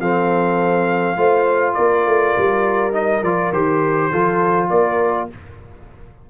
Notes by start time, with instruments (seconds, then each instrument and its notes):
0.00 tuba F3, trombone C4, horn A4, trumpet F5
1.17 tuba A3, trombone F4, horn C5
1.74 tuba A#3, horn A#4, trumpet D5
2.06 tuba A3
2.38 tuba G3
2.92 trombone D#4, trumpet D#5
3.23 tuba F3, trombone F4, trumpet D5
3.52 tuba D#3, trombone G4, trumpet C5
4.11 tuba F3, trombone F4, horn A4
4.69 tuba A#3, horn A#4, trumpet D5